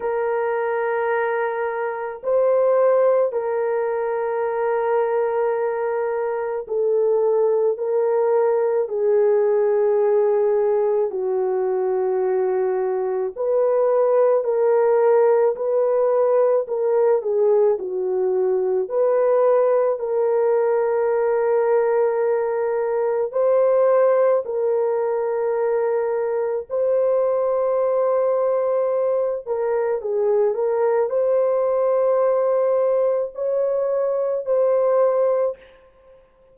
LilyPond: \new Staff \with { instrumentName = "horn" } { \time 4/4 \tempo 4 = 54 ais'2 c''4 ais'4~ | ais'2 a'4 ais'4 | gis'2 fis'2 | b'4 ais'4 b'4 ais'8 gis'8 |
fis'4 b'4 ais'2~ | ais'4 c''4 ais'2 | c''2~ c''8 ais'8 gis'8 ais'8 | c''2 cis''4 c''4 | }